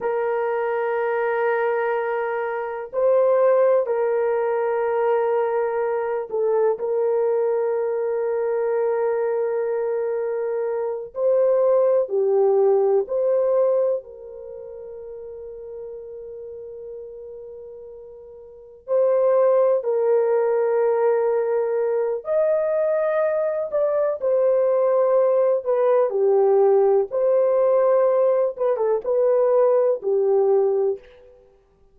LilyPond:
\new Staff \with { instrumentName = "horn" } { \time 4/4 \tempo 4 = 62 ais'2. c''4 | ais'2~ ais'8 a'8 ais'4~ | ais'2.~ ais'8 c''8~ | c''8 g'4 c''4 ais'4.~ |
ais'2.~ ais'8 c''8~ | c''8 ais'2~ ais'8 dis''4~ | dis''8 d''8 c''4. b'8 g'4 | c''4. b'16 a'16 b'4 g'4 | }